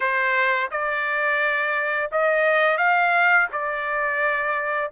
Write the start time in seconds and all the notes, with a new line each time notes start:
0.00 C5
0.71 D5
2.11 D#5
2.77 F5
3.52 D5